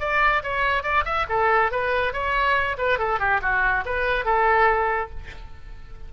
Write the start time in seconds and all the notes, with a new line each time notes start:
0.00 D5
0.43 C#5
0.83 D5
1.05 E5
1.29 A4
1.72 B4
2.13 C#5
2.78 B4
2.98 A4
3.20 G4
3.42 F#4
3.85 B4
4.25 A4